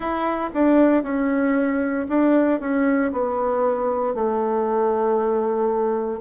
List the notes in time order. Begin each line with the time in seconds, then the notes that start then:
0.00 E4
0.54 D4
1.03 C#4
2.08 D4
2.60 C#4
3.11 B3
4.14 A3